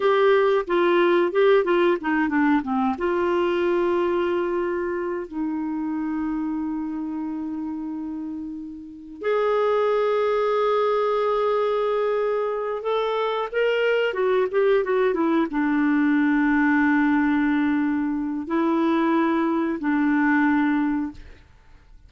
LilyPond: \new Staff \with { instrumentName = "clarinet" } { \time 4/4 \tempo 4 = 91 g'4 f'4 g'8 f'8 dis'8 d'8 | c'8 f'2.~ f'8 | dis'1~ | dis'2 gis'2~ |
gis'2.~ gis'8 a'8~ | a'8 ais'4 fis'8 g'8 fis'8 e'8 d'8~ | d'1 | e'2 d'2 | }